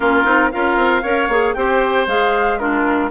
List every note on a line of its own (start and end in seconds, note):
0.00 0.25 A#3
0.00 0.24 C#4
0.00 0.49 F4
0.00 0.51 A#4
0.24 0.51 C4
0.24 0.50 D#4
0.51 0.76 C#4
0.51 1.03 F4
0.51 1.02 A#4
0.51 1.53 F5
0.76 1.02 C4
1.02 1.28 C#4
1.02 1.29 A#4
1.02 1.54 C#5
1.28 1.54 A#3
1.28 1.56 G#4
1.53 2.06 C4
1.53 2.07 G4
1.53 2.59 C5
1.53 2.05 G5
2.06 3.10 G#3
2.06 2.59 G#4
2.06 2.58 F5
2.58 3.10 D4
2.58 3.11 F4
2.58 3.10 A#4